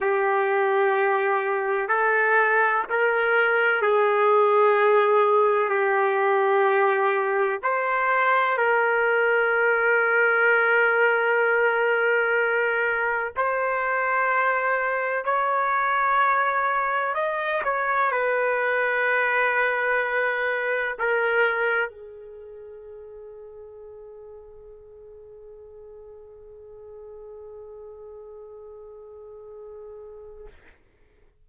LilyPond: \new Staff \with { instrumentName = "trumpet" } { \time 4/4 \tempo 4 = 63 g'2 a'4 ais'4 | gis'2 g'2 | c''4 ais'2.~ | ais'2 c''2 |
cis''2 dis''8 cis''8 b'4~ | b'2 ais'4 gis'4~ | gis'1~ | gis'1 | }